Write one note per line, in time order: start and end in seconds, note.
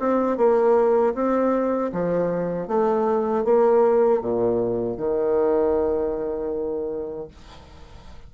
0.00 0.38 C4
0.38 1.15 A#3
1.15 1.92 C4
1.93 2.68 F3
2.68 3.45 A3
3.45 4.22 A#3
4.22 4.98 A#2
4.98 7.28 D#3